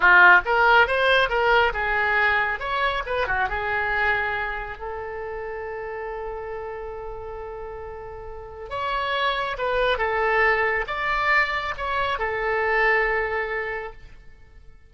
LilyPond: \new Staff \with { instrumentName = "oboe" } { \time 4/4 \tempo 4 = 138 f'4 ais'4 c''4 ais'4 | gis'2 cis''4 b'8 fis'8 | gis'2. a'4~ | a'1~ |
a'1 | cis''2 b'4 a'4~ | a'4 d''2 cis''4 | a'1 | }